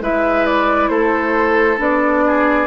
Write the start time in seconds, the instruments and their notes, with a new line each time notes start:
0.00 bassoon G#3, clarinet E4, oboe B4, flute E5
0.46 flute D5
0.88 bassoon A3, oboe A4, flute C5
1.77 bassoon B3, clarinet D4, flute D5
2.26 oboe G#4